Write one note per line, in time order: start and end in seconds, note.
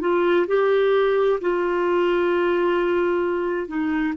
0.00 0.46 F4
0.47 1.39 G4
1.41 3.67 F4
3.67 4.13 D#4